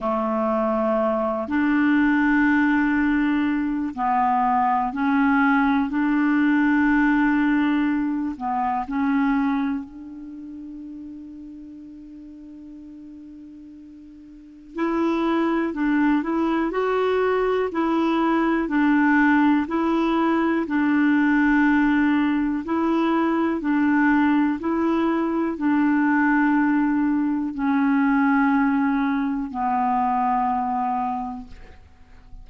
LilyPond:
\new Staff \with { instrumentName = "clarinet" } { \time 4/4 \tempo 4 = 61 a4. d'2~ d'8 | b4 cis'4 d'2~ | d'8 b8 cis'4 d'2~ | d'2. e'4 |
d'8 e'8 fis'4 e'4 d'4 | e'4 d'2 e'4 | d'4 e'4 d'2 | cis'2 b2 | }